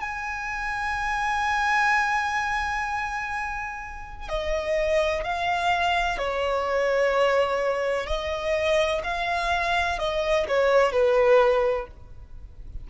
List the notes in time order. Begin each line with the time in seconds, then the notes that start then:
0.00 G#5
4.29 D#5
5.24 F5
6.18 C#5
8.06 D#5
9.04 F5
9.99 D#5
10.48 C#5
10.92 B4